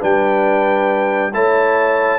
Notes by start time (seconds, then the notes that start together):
0.00 G3 D4 B4 G5
1.34 A3 E4 C#5 A5